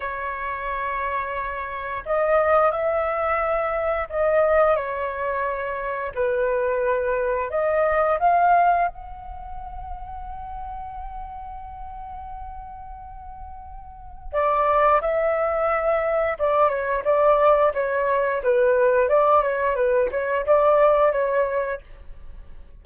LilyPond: \new Staff \with { instrumentName = "flute" } { \time 4/4 \tempo 4 = 88 cis''2. dis''4 | e''2 dis''4 cis''4~ | cis''4 b'2 dis''4 | f''4 fis''2.~ |
fis''1~ | fis''4 d''4 e''2 | d''8 cis''8 d''4 cis''4 b'4 | d''8 cis''8 b'8 cis''8 d''4 cis''4 | }